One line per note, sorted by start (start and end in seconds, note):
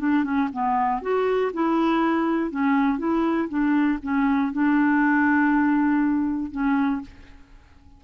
0.00 0.24 D4
0.24 0.49 C#4
0.53 1.02 B3
1.02 1.52 F#4
1.54 2.51 E4
2.51 2.99 C#4
2.99 3.49 E4
3.49 3.99 D4
4.03 4.53 C#4
4.53 6.52 D4
6.52 7.02 C#4